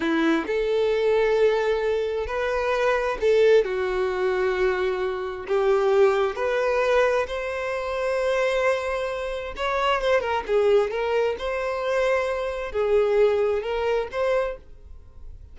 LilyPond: \new Staff \with { instrumentName = "violin" } { \time 4/4 \tempo 4 = 132 e'4 a'2.~ | a'4 b'2 a'4 | fis'1 | g'2 b'2 |
c''1~ | c''4 cis''4 c''8 ais'8 gis'4 | ais'4 c''2. | gis'2 ais'4 c''4 | }